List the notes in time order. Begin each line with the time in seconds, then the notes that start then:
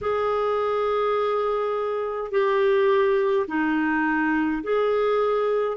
0.01 G#4
2.31 G4
3.47 D#4
4.63 G#4